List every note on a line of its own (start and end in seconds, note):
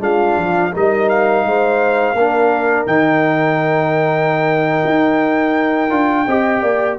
0.00 0.36 G#3
0.00 0.71 D4
0.00 0.72 F4
0.00 0.74 F5
0.37 0.73 F3
0.72 1.45 G3
0.72 2.15 D#4
0.72 1.47 A#4
0.72 1.09 D#5
1.09 2.87 F5
1.45 2.14 G#3
1.45 2.16 C5
2.14 2.85 A#3
2.14 2.87 D4
2.14 6.26 A#4
2.86 4.83 D#3
2.86 5.90 D#4
2.86 6.97 G5
4.85 5.90 D#4
5.90 6.26 D4
5.90 6.25 F4
6.27 6.62 C4
6.27 6.99 G4
6.27 6.62 D#5
6.62 6.98 A#3
6.62 6.98 D5